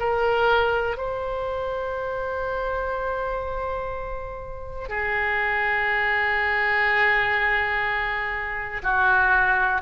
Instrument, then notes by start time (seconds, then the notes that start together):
oboe
0.00 A#4
0.97 C5
4.89 G#4
8.83 F#4